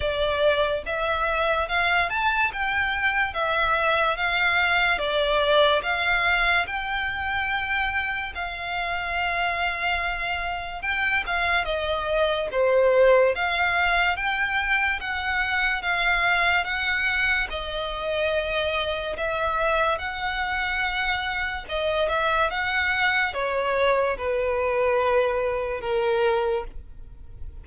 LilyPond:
\new Staff \with { instrumentName = "violin" } { \time 4/4 \tempo 4 = 72 d''4 e''4 f''8 a''8 g''4 | e''4 f''4 d''4 f''4 | g''2 f''2~ | f''4 g''8 f''8 dis''4 c''4 |
f''4 g''4 fis''4 f''4 | fis''4 dis''2 e''4 | fis''2 dis''8 e''8 fis''4 | cis''4 b'2 ais'4 | }